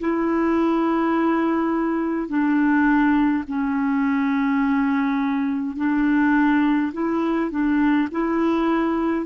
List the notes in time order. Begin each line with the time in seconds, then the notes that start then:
0.00 E4
2.29 D4
3.48 C#4
5.77 D4
6.93 E4
7.51 D4
8.11 E4